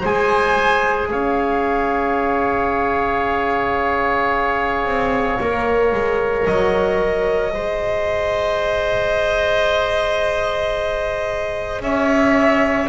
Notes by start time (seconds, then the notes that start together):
0.00 G#3 G#4 C5 G#5
1.10 C#4 C#5 F5
4.85 C4
5.40 A#3 A#4
5.92 G#3
6.46 F#3 D#5
7.52 G#3 G#4 C5
11.81 C#4 C#5 E5